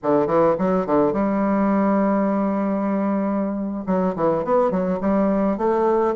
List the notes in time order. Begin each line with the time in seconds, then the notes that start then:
0.02 D3
0.26 E3
0.58 F#3
0.86 D3
1.12 G3
3.86 F#3
4.15 E3
4.44 B3
4.70 F#3
5.00 G3
5.57 A3